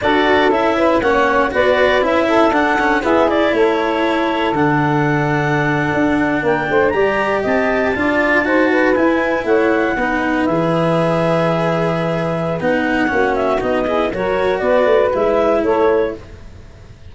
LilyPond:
<<
  \new Staff \with { instrumentName = "clarinet" } { \time 4/4 \tempo 4 = 119 d''4 e''4 fis''4 d''4 | e''4 fis''4 e''8 d''8 cis''4~ | cis''4 fis''2.~ | fis''8. g''4 ais''4 a''4~ a''16~ |
a''4.~ a''16 gis''4 fis''4~ fis''16~ | fis''8. e''2.~ e''16~ | e''4 fis''4. e''8 dis''4 | cis''4 d''4 e''4 cis''4 | }
  \new Staff \with { instrumentName = "saxophone" } { \time 4/4 a'4. b'8 cis''4 b'4~ | b'8 a'4. gis'4 a'4~ | a'1~ | a'8. ais'8 c''8 d''4 dis''4 d''16~ |
d''8. c''8 b'4. cis''4 b'16~ | b'1~ | b'2 fis'4. gis'8 | ais'4 b'2 a'4 | }
  \new Staff \with { instrumentName = "cello" } { \time 4/4 fis'4 e'4 cis'4 fis'4 | e'4 d'8 cis'8 b8 e'4.~ | e'4 d'2.~ | d'4.~ d'16 g'2 f'16~ |
f'8. fis'4 e'2 dis'16~ | dis'8. gis'2.~ gis'16~ | gis'4 dis'4 cis'4 dis'8 e'8 | fis'2 e'2 | }
  \new Staff \with { instrumentName = "tuba" } { \time 4/4 d'4 cis'4 ais4 b4 | cis'4 d'4 e'4 a4~ | a4 d2~ d8. d'16~ | d'8. ais8 a8 g4 c'4 d'16~ |
d'8. dis'4 e'4 a4 b16~ | b8. e2.~ e16~ | e4 b4 ais4 b4 | fis4 b8 a8 gis4 a4 | }
>>